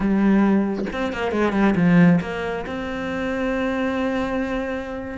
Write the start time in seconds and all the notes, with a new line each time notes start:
0.00 G3
0.92 C4
1.12 A#3
1.31 G#3
1.52 G3
1.75 F3
2.21 A#3
2.66 C4